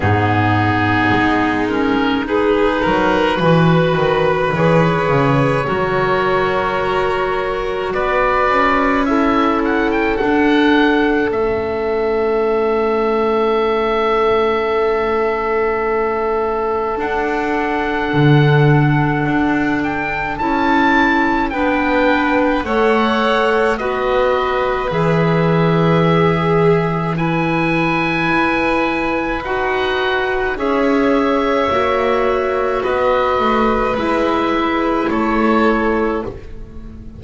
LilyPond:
<<
  \new Staff \with { instrumentName = "oboe" } { \time 4/4 \tempo 4 = 53 gis'4. ais'8 b'2 | cis''2. d''4 | e''8 fis''16 g''16 fis''4 e''2~ | e''2. fis''4~ |
fis''4. g''8 a''4 g''4 | fis''4 dis''4 e''2 | gis''2 fis''4 e''4~ | e''4 dis''4 e''4 cis''4 | }
  \new Staff \with { instrumentName = "violin" } { \time 4/4 dis'2 gis'8 ais'8 b'4~ | b'4 ais'2 b'4 | a'1~ | a'1~ |
a'2. b'4 | cis''4 b'2 gis'4 | b'2. cis''4~ | cis''4 b'2 a'4 | }
  \new Staff \with { instrumentName = "clarinet" } { \time 4/4 b4. cis'8 dis'4 fis'4 | gis'4 fis'2. | e'4 d'4 cis'2~ | cis'2. d'4~ |
d'2 e'4 d'4 | a'4 fis'4 gis'2 | e'2 fis'4 gis'4 | fis'2 e'2 | }
  \new Staff \with { instrumentName = "double bass" } { \time 4/4 gis,4 gis4. fis8 e8 dis8 | e8 cis8 fis2 b8 cis'8~ | cis'4 d'4 a2~ | a2. d'4 |
d4 d'4 cis'4 b4 | a4 b4 e2~ | e4 e'4 dis'4 cis'4 | ais4 b8 a8 gis4 a4 | }
>>